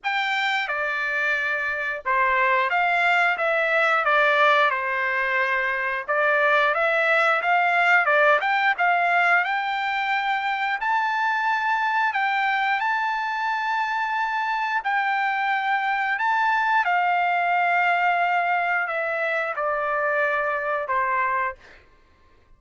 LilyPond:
\new Staff \with { instrumentName = "trumpet" } { \time 4/4 \tempo 4 = 89 g''4 d''2 c''4 | f''4 e''4 d''4 c''4~ | c''4 d''4 e''4 f''4 | d''8 g''8 f''4 g''2 |
a''2 g''4 a''4~ | a''2 g''2 | a''4 f''2. | e''4 d''2 c''4 | }